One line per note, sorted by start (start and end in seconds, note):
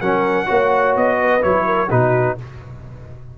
0.00 0.48 F#3
0.00 0.46 C#4
0.00 0.46 A#4
0.00 0.95 F#5
0.46 0.96 A#3
0.46 1.40 F#4
0.46 1.17 C#5
0.96 1.43 B3
0.96 1.42 D#5
1.20 1.65 B4
1.41 1.90 F#3
1.41 1.88 E4
1.41 1.90 C#5
1.65 1.89 A#4
1.90 2.37 B2
1.90 2.37 D#4
1.90 2.37 F#4
1.90 2.37 B4